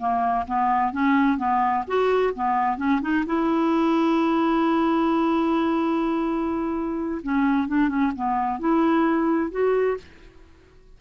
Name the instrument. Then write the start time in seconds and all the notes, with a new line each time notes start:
clarinet
0.00 A#3
0.47 B3
0.93 C#4
1.38 B3
1.88 F#4
2.35 B3
2.78 C#4
3.02 D#4
3.26 E4
7.23 C#4
7.68 D4
7.89 C#4
8.16 B3
8.60 E4
9.51 F#4